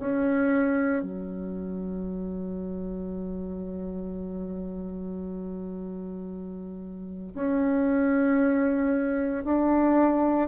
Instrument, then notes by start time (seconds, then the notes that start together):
bassoon
0.00 C#4
1.03 F#3
7.35 C#4
9.44 D4